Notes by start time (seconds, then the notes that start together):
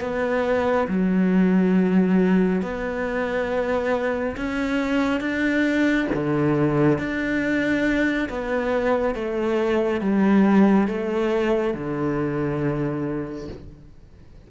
0.00 B3
0.88 F#3
2.62 B3
4.36 C#4
5.20 D4
6.14 D3
6.98 D4
8.29 B3
9.14 A3
10.00 G3
10.87 A3
11.74 D3